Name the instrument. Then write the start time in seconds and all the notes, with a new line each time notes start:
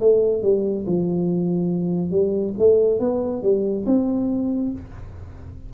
tuba
0.00 A3
0.42 G3
0.86 F3
2.10 G3
2.58 A3
3.00 B3
3.42 G3
3.86 C4